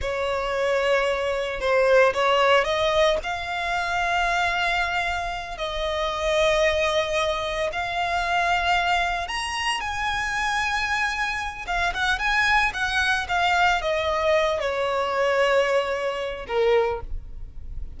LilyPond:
\new Staff \with { instrumentName = "violin" } { \time 4/4 \tempo 4 = 113 cis''2. c''4 | cis''4 dis''4 f''2~ | f''2~ f''8 dis''4.~ | dis''2~ dis''8 f''4.~ |
f''4. ais''4 gis''4.~ | gis''2 f''8 fis''8 gis''4 | fis''4 f''4 dis''4. cis''8~ | cis''2. ais'4 | }